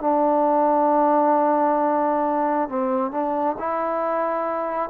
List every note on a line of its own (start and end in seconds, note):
0.00 2.68 D4
2.68 3.11 C4
3.11 3.56 D4
3.58 4.89 E4